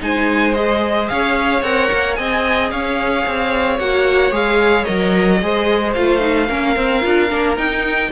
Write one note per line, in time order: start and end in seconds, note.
0.00 1.10 G#3
0.00 0.54 D#4
0.00 1.10 C5
0.00 0.54 G#5
0.54 1.64 G#4
0.54 1.08 D#5
1.09 1.62 C#4
1.09 2.18 C#5
1.09 1.63 F5
1.62 1.89 C4
1.62 2.17 A#4
1.62 2.15 F#5
1.92 2.18 A#3
2.15 2.72 C4
2.15 3.79 G#4
2.15 2.71 D#5
2.15 2.69 G#5
2.71 3.26 C#4
2.71 5.41 C#5
2.71 3.79 F5
3.26 3.79 C4
3.79 4.31 A#3
3.79 4.32 F#4
3.79 4.33 F#5
4.31 4.85 G#3
4.31 4.86 G#4
4.31 4.84 F5
4.84 5.42 F#3
4.84 5.40 A#4
4.84 5.92 D#5
5.42 5.96 G#3
5.42 5.96 G#4
5.42 6.49 C5
5.94 6.49 A3
5.94 6.19 F4
5.94 7.56 F5
6.19 6.46 D#4
6.49 6.76 A#3
6.49 6.76 C#4
6.49 8.11 A#4
6.76 7.02 C4
6.76 7.03 C4
7.02 7.32 D4
7.02 7.29 F4
7.30 7.57 A#3
7.30 7.57 D4
7.57 8.11 D#4
7.57 8.11 G5